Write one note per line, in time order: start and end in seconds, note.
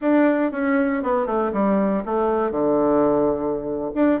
0.01 0.51 D4
0.51 1.02 C#4
1.02 1.26 B3
1.26 1.51 A3
1.52 2.03 G3
2.05 2.51 A3
2.51 3.91 D3
3.95 4.20 D4